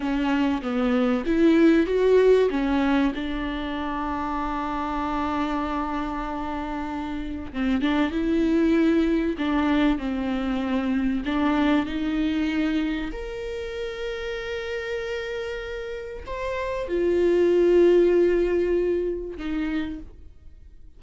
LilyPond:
\new Staff \with { instrumentName = "viola" } { \time 4/4 \tempo 4 = 96 cis'4 b4 e'4 fis'4 | cis'4 d'2.~ | d'1 | c'8 d'8 e'2 d'4 |
c'2 d'4 dis'4~ | dis'4 ais'2.~ | ais'2 c''4 f'4~ | f'2. dis'4 | }